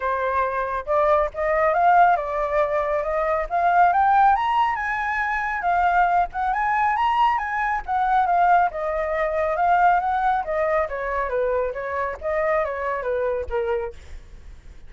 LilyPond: \new Staff \with { instrumentName = "flute" } { \time 4/4 \tempo 4 = 138 c''2 d''4 dis''4 | f''4 d''2 dis''4 | f''4 g''4 ais''4 gis''4~ | gis''4 f''4. fis''8 gis''4 |
ais''4 gis''4 fis''4 f''4 | dis''2 f''4 fis''4 | dis''4 cis''4 b'4 cis''4 | dis''4 cis''4 b'4 ais'4 | }